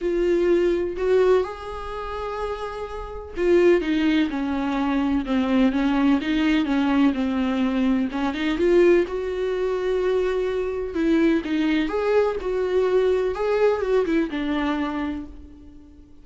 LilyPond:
\new Staff \with { instrumentName = "viola" } { \time 4/4 \tempo 4 = 126 f'2 fis'4 gis'4~ | gis'2. f'4 | dis'4 cis'2 c'4 | cis'4 dis'4 cis'4 c'4~ |
c'4 cis'8 dis'8 f'4 fis'4~ | fis'2. e'4 | dis'4 gis'4 fis'2 | gis'4 fis'8 e'8 d'2 | }